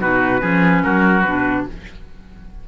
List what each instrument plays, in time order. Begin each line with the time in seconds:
0.00 cello B2, clarinet D#4, oboe F#4, trumpet B4
0.40 cello F3, clarinet C#4, oboe G#4
0.84 cello F#3, oboe F#4, trumpet A#4
1.22 cello B2, clarinet D4, trumpet B4